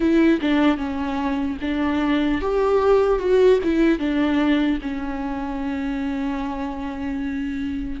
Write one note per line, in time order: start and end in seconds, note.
0.00 0.39 E4
0.41 0.77 D4
0.77 1.57 C#4
1.61 2.41 D4
2.41 3.19 G4
3.19 3.59 F#4
3.63 3.99 E4
3.99 4.79 D4
4.81 8.00 C#4